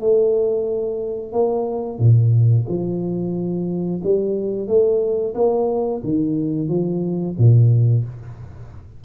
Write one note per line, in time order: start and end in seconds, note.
0.00 1.32 A3
1.32 1.99 A#3
1.99 2.65 A#2
2.68 4.01 F3
4.03 4.67 G3
4.67 5.34 A3
5.34 6.01 A#3
6.03 6.68 D#3
6.68 7.35 F3
7.38 8.04 A#2